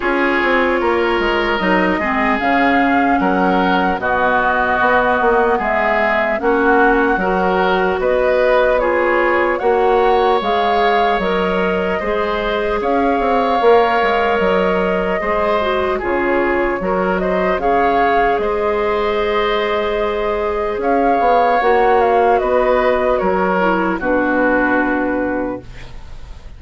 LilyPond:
<<
  \new Staff \with { instrumentName = "flute" } { \time 4/4 \tempo 4 = 75 cis''2 dis''4 f''4 | fis''4 dis''2 e''4 | fis''2 dis''4 cis''4 | fis''4 f''4 dis''2 |
f''2 dis''2 | cis''4. dis''8 f''4 dis''4~ | dis''2 f''4 fis''8 f''8 | dis''4 cis''4 b'2 | }
  \new Staff \with { instrumentName = "oboe" } { \time 4/4 gis'4 ais'4. gis'4. | ais'4 fis'2 gis'4 | fis'4 ais'4 b'4 gis'4 | cis''2. c''4 |
cis''2. c''4 | gis'4 ais'8 c''8 cis''4 c''4~ | c''2 cis''2 | b'4 ais'4 fis'2 | }
  \new Staff \with { instrumentName = "clarinet" } { \time 4/4 f'2 dis'8 c'8 cis'4~ | cis'4 b2. | cis'4 fis'2 f'4 | fis'4 gis'4 ais'4 gis'4~ |
gis'4 ais'2 gis'8 fis'8 | f'4 fis'4 gis'2~ | gis'2. fis'4~ | fis'4. e'8 d'2 | }
  \new Staff \with { instrumentName = "bassoon" } { \time 4/4 cis'8 c'8 ais8 gis8 fis8 gis8 cis4 | fis4 b,4 b8 ais8 gis4 | ais4 fis4 b2 | ais4 gis4 fis4 gis4 |
cis'8 c'8 ais8 gis8 fis4 gis4 | cis4 fis4 cis4 gis4~ | gis2 cis'8 b8 ais4 | b4 fis4 b,2 | }
>>